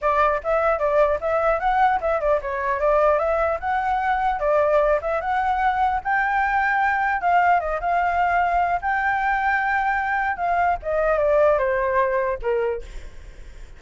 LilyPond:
\new Staff \with { instrumentName = "flute" } { \time 4/4 \tempo 4 = 150 d''4 e''4 d''4 e''4 | fis''4 e''8 d''8 cis''4 d''4 | e''4 fis''2 d''4~ | d''8 e''8 fis''2 g''4~ |
g''2 f''4 dis''8 f''8~ | f''2 g''2~ | g''2 f''4 dis''4 | d''4 c''2 ais'4 | }